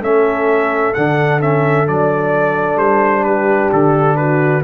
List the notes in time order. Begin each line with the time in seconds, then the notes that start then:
0.00 A3 C#4 A4 E5
0.93 D3 D4 F#5
1.40 C#4 E5
1.86 F#3 D4 D5
2.75 G3 C5
3.23 G4 B4
3.72 D3 A4
4.16 F#4 B4